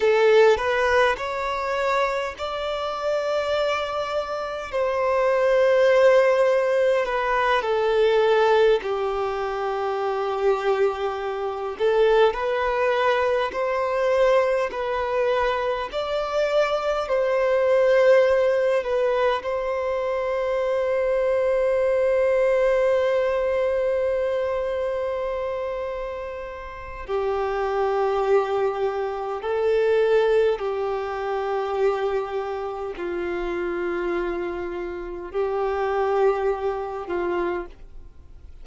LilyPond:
\new Staff \with { instrumentName = "violin" } { \time 4/4 \tempo 4 = 51 a'8 b'8 cis''4 d''2 | c''2 b'8 a'4 g'8~ | g'2 a'8 b'4 c''8~ | c''8 b'4 d''4 c''4. |
b'8 c''2.~ c''8~ | c''2. g'4~ | g'4 a'4 g'2 | f'2 g'4. f'8 | }